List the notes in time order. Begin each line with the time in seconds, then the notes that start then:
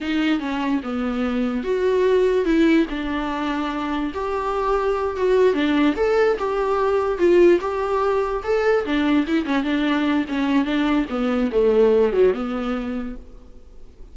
0.00 D#4
0.39 C#4
0.83 B3
1.63 F#4
2.45 E4
2.89 D4
4.14 G4
5.16 F#4
5.53 D4
5.96 A4
6.38 G4
7.18 F4
7.60 G4
8.43 A4
8.85 D4
9.26 E4
9.45 C#4
9.63 D4
10.28 C#4
10.64 D4
11.09 B3
11.51 A3
12.13 F#3
12.33 B3